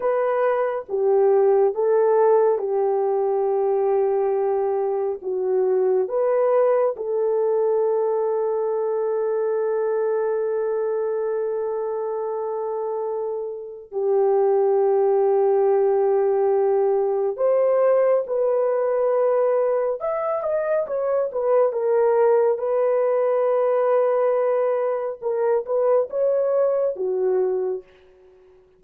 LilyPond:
\new Staff \with { instrumentName = "horn" } { \time 4/4 \tempo 4 = 69 b'4 g'4 a'4 g'4~ | g'2 fis'4 b'4 | a'1~ | a'1 |
g'1 | c''4 b'2 e''8 dis''8 | cis''8 b'8 ais'4 b'2~ | b'4 ais'8 b'8 cis''4 fis'4 | }